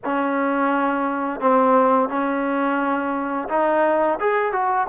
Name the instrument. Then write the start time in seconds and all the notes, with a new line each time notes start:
trombone
0.04 C#4
1.40 C4
2.08 C#4
3.49 D#4
4.20 G#4
4.52 F#4